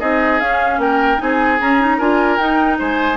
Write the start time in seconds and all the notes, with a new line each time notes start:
0.00 C4 D#4 G#4 D#5
0.40 C#4 F5
0.78 A#3 A#4 G5
1.18 C4 D#4 G#4 G#5
1.61 C#4 A#5
1.81 D#4
1.98 D4 F4 A#4 G#5
2.37 D#4 G5
2.79 G#3 C5 G#5